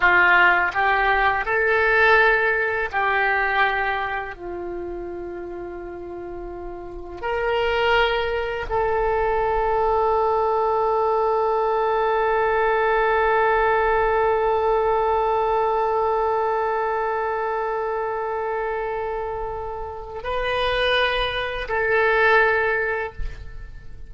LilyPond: \new Staff \with { instrumentName = "oboe" } { \time 4/4 \tempo 4 = 83 f'4 g'4 a'2 | g'2 f'2~ | f'2 ais'2 | a'1~ |
a'1~ | a'1~ | a'1 | b'2 a'2 | }